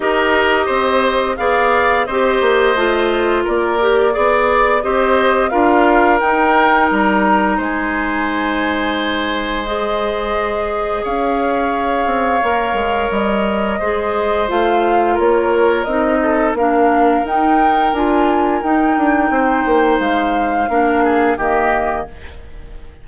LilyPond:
<<
  \new Staff \with { instrumentName = "flute" } { \time 4/4 \tempo 4 = 87 dis''2 f''4 dis''4~ | dis''4 d''2 dis''4 | f''4 g''4 ais''4 gis''4~ | gis''2 dis''2 |
f''2. dis''4~ | dis''4 f''4 cis''4 dis''4 | f''4 g''4 gis''4 g''4~ | g''4 f''2 dis''4 | }
  \new Staff \with { instrumentName = "oboe" } { \time 4/4 ais'4 c''4 d''4 c''4~ | c''4 ais'4 d''4 c''4 | ais'2. c''4~ | c''1 |
cis''1 | c''2 ais'4. a'8 | ais'1 | c''2 ais'8 gis'8 g'4 | }
  \new Staff \with { instrumentName = "clarinet" } { \time 4/4 g'2 gis'4 g'4 | f'4. g'8 gis'4 g'4 | f'4 dis'2.~ | dis'2 gis'2~ |
gis'2 ais'2 | gis'4 f'2 dis'4 | d'4 dis'4 f'4 dis'4~ | dis'2 d'4 ais4 | }
  \new Staff \with { instrumentName = "bassoon" } { \time 4/4 dis'4 c'4 b4 c'8 ais8 | a4 ais4 b4 c'4 | d'4 dis'4 g4 gis4~ | gis1 |
cis'4. c'8 ais8 gis8 g4 | gis4 a4 ais4 c'4 | ais4 dis'4 d'4 dis'8 d'8 | c'8 ais8 gis4 ais4 dis4 | }
>>